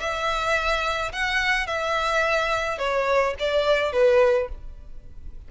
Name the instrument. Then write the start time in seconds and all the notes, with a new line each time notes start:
violin
0.00 E5
1.12 F#5
1.67 E5
2.78 C#5
3.40 D5
3.93 B4